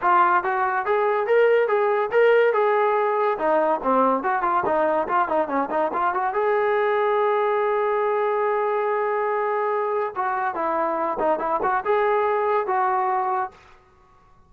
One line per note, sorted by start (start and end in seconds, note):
0.01 0.43 F4
0.43 0.85 F#4
0.85 1.26 G#4
1.26 1.67 A#4
1.67 2.10 G#4
2.11 2.53 A#4
2.53 3.37 G#4
3.38 3.80 D#4
3.83 4.23 C4
4.23 4.42 F#4
4.42 4.63 F4
4.65 5.07 D#4
5.07 5.28 F4
5.28 5.48 D#4
5.48 5.69 C#4
5.70 5.91 D#4
5.93 6.14 F4
6.14 6.33 F#4
6.33 10.14 G#4
10.15 10.54 F#4
10.54 11.18 E4
11.19 11.39 D#4
11.39 11.60 E4
11.62 11.83 F#4
11.84 12.66 G#4
12.66 13.51 F#4